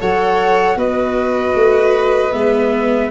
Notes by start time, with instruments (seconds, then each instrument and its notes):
0.00 tuba F#3, viola A4, violin C#5, flute F#5
0.76 tuba B3, viola F#4, violin B4, flute D#5
1.55 tuba A3
2.32 tuba G#3, viola B3, flute E5